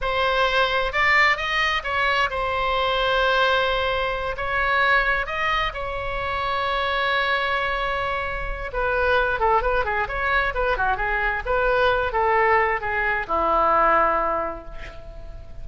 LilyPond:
\new Staff \with { instrumentName = "oboe" } { \time 4/4 \tempo 4 = 131 c''2 d''4 dis''4 | cis''4 c''2.~ | c''4. cis''2 dis''8~ | dis''8 cis''2.~ cis''8~ |
cis''2. b'4~ | b'8 a'8 b'8 gis'8 cis''4 b'8 fis'8 | gis'4 b'4. a'4. | gis'4 e'2. | }